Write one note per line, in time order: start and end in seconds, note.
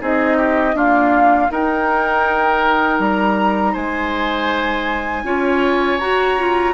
0.00 0.74 C4
0.00 0.75 D#4
0.00 0.38 G#4
0.00 0.77 D#5
0.38 0.75 G4
0.74 1.50 A#3
0.74 1.49 D4
0.74 1.51 F4
0.74 1.52 F5
1.50 5.25 D#4
1.50 3.00 D#4
1.50 3.73 A#4
1.50 3.01 G5
3.00 3.75 G3
3.00 3.75 A#5
3.73 5.24 G#3
3.73 5.23 C5
3.73 5.99 G#5
5.24 5.99 C#4
5.24 6.00 F4
5.24 6.74 C#5
5.99 6.74 F#4
5.99 6.38 F#4
5.99 6.74 A#5
6.38 6.74 F4